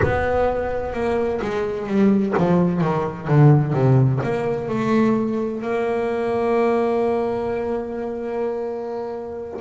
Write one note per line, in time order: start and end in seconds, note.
0.03 0.93 B3
0.93 1.40 A#3
1.41 1.86 G#3
1.86 2.33 G3
2.37 2.81 F3
2.81 3.28 D#3
3.28 3.73 D3
3.73 4.20 C3
4.23 4.68 A#3
4.68 5.62 A3
5.62 9.60 A#3